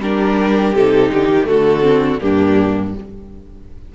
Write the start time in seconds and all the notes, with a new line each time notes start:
0.00 G3 D4 G4 A#4
0.74 C3 D#4 A4
1.12 D3 G4
1.28 D#3
1.44 D3 A3 F#4 A4
1.82 C4
2.20 G2 A#3 D4 G4